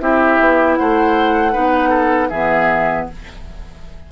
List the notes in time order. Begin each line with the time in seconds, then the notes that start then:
0.00 C4 E4 G4 E5
0.39 B3
0.75 A3 C5 F#5
1.52 B3 D#4 B4
1.89 A4
2.29 E3 B3 G#4 E5